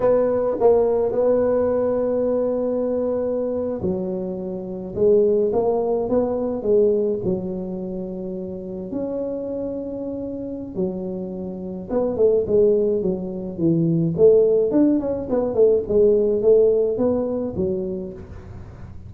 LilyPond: \new Staff \with { instrumentName = "tuba" } { \time 4/4 \tempo 4 = 106 b4 ais4 b2~ | b2~ b8. fis4~ fis16~ | fis8. gis4 ais4 b4 gis16~ | gis8. fis2. cis'16~ |
cis'2. fis4~ | fis4 b8 a8 gis4 fis4 | e4 a4 d'8 cis'8 b8 a8 | gis4 a4 b4 fis4 | }